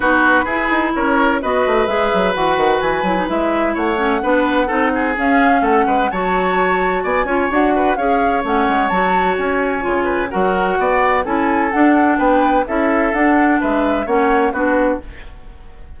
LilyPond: <<
  \new Staff \with { instrumentName = "flute" } { \time 4/4 \tempo 4 = 128 b'2 cis''4 dis''4 | e''4 fis''4 gis''4 e''4 | fis''2. f''4 | fis''4 a''2 gis''4 |
fis''4 f''4 fis''4 a''4 | gis''2 fis''2 | gis''4 fis''4 g''4 e''4 | fis''4 e''4 fis''4 b'4 | }
  \new Staff \with { instrumentName = "oboe" } { \time 4/4 fis'4 gis'4 ais'4 b'4~ | b'1 | cis''4 b'4 a'8 gis'4. | a'8 b'8 cis''2 d''8 cis''8~ |
cis''8 b'8 cis''2.~ | cis''4. b'8 ais'4 d''4 | a'2 b'4 a'4~ | a'4 b'4 cis''4 fis'4 | }
  \new Staff \with { instrumentName = "clarinet" } { \time 4/4 dis'4 e'2 fis'4 | gis'4 fis'4. e'16 dis'16 e'4~ | e'8 cis'8 d'4 dis'4 cis'4~ | cis'4 fis'2~ fis'8 f'8 |
fis'4 gis'4 cis'4 fis'4~ | fis'4 f'4 fis'2 | e'4 d'2 e'4 | d'2 cis'4 d'4 | }
  \new Staff \with { instrumentName = "bassoon" } { \time 4/4 b4 e'8 dis'8 cis'4 b8 a8 | gis8 fis8 e8 dis8 e8 fis8 gis4 | a4 b4 c'4 cis'4 | a8 gis8 fis2 b8 cis'8 |
d'4 cis'4 a8 gis8 fis4 | cis'4 cis4 fis4 b4 | cis'4 d'4 b4 cis'4 | d'4 gis4 ais4 b4 | }
>>